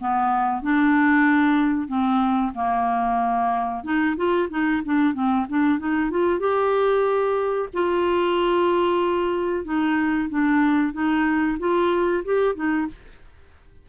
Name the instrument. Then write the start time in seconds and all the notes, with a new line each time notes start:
clarinet
0.00 B3
0.62 D4
1.88 C4
2.54 A#3
3.83 D#4
4.16 F4
4.50 D#4
4.84 D4
5.13 C4
5.49 D4
5.79 D#4
6.10 F4
6.39 G4
7.73 F4
9.64 D#4
10.29 D4
10.93 D#4
11.59 F4
12.24 G4
12.55 D#4